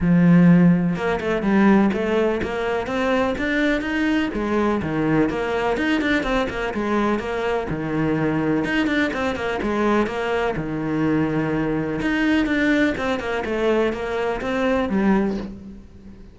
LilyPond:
\new Staff \with { instrumentName = "cello" } { \time 4/4 \tempo 4 = 125 f2 ais8 a8 g4 | a4 ais4 c'4 d'4 | dis'4 gis4 dis4 ais4 | dis'8 d'8 c'8 ais8 gis4 ais4 |
dis2 dis'8 d'8 c'8 ais8 | gis4 ais4 dis2~ | dis4 dis'4 d'4 c'8 ais8 | a4 ais4 c'4 g4 | }